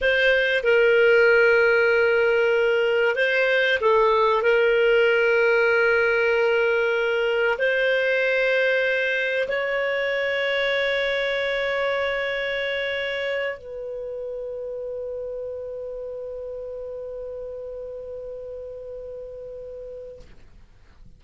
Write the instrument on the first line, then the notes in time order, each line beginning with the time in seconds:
clarinet
0.01 C5
0.63 A#4
3.15 C5
3.80 A4
4.42 A#4
7.58 C5
9.48 C#5
13.58 B4